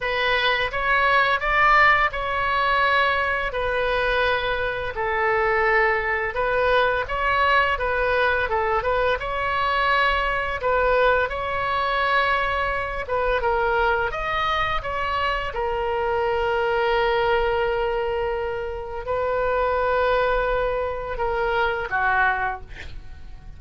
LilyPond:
\new Staff \with { instrumentName = "oboe" } { \time 4/4 \tempo 4 = 85 b'4 cis''4 d''4 cis''4~ | cis''4 b'2 a'4~ | a'4 b'4 cis''4 b'4 | a'8 b'8 cis''2 b'4 |
cis''2~ cis''8 b'8 ais'4 | dis''4 cis''4 ais'2~ | ais'2. b'4~ | b'2 ais'4 fis'4 | }